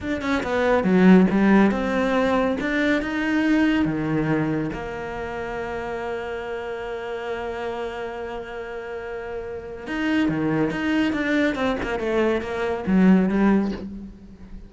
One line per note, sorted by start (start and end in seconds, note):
0.00 0.21 D4
0.21 0.42 C#4
0.43 0.83 B3
0.83 1.26 F#3
1.30 1.71 G3
1.71 2.57 C4
2.60 3.02 D4
3.02 3.85 D#4
3.85 4.70 D#3
4.72 9.87 A#3
9.87 10.28 D#4
10.28 10.70 D#3
10.70 11.12 D#4
11.12 11.55 D4
11.55 11.76 C4
11.83 11.99 A#3
11.99 12.41 A3
12.41 12.84 A#3
12.86 13.28 F#3
13.28 13.71 G3